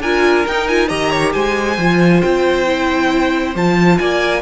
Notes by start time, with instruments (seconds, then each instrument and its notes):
0.00 cello D4, viola F4, violin A#4 G#5
0.47 cello D#4, viola D#4, violin G5
0.68 viola F4, violin G#5
0.88 cello D#3, viola G4, violin D#5 A#5
1.10 violin C#5
1.33 cello G#3, violin C5 G#5
1.78 cello F3, viola F4
2.22 cello C4, violin G5
2.67 viola E4
3.55 cello F3, viola F4, violin A5
3.98 cello A#3, violin D5 G#5